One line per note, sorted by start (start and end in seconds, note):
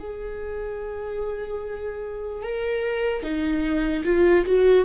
0.00 2.43 G#4
2.43 3.23 A#4
3.23 4.04 D#4
4.05 4.46 F4
4.46 4.85 F#4